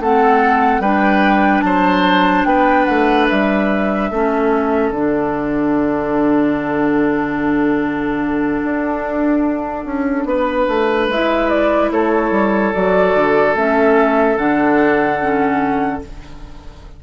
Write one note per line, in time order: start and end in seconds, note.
0.00 0.80 A3
0.00 0.84 C4
0.00 0.82 A4
0.00 0.82 F#5
0.80 1.62 G3
0.80 4.12 D4
0.80 1.64 B4
0.80 1.61 G5
1.61 2.45 F#3
1.61 2.48 C5
1.61 2.43 A5
2.45 2.86 B3
2.45 4.11 B4
2.45 2.85 G5
2.85 3.30 A3
2.85 3.26 F#5
3.29 4.11 G3
3.29 4.91 E5
4.11 4.91 A3
4.11 4.95 C#4
4.11 10.27 A4
4.91 8.61 D3
4.91 11.12 D4
4.91 11.08 F#5
8.64 9.85 D4
9.85 10.25 C#4
10.25 10.66 B3
10.25 11.92 B4
10.68 11.08 A3
11.08 11.91 G#3
11.08 12.74 E4
11.08 11.49 E5
11.49 11.90 D5
11.91 12.31 A3
11.91 16.04 A4
11.91 12.73 C#5
12.31 12.72 G3
12.73 13.15 F#3
12.73 13.56 F#4
12.73 13.56 D5
13.15 13.55 D3
13.55 14.37 A3
13.55 14.37 C#4
13.55 14.37 E5
14.37 16.02 D3
14.37 15.19 D4
14.37 16.02 F#5
15.20 16.02 C#4